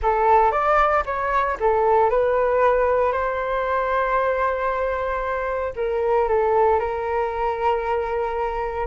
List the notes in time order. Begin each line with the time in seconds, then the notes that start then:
0.02 A4
0.51 D5
1.05 C#5
1.60 A4
2.10 B4
3.12 C5
5.76 A#4
6.28 A4
6.79 A#4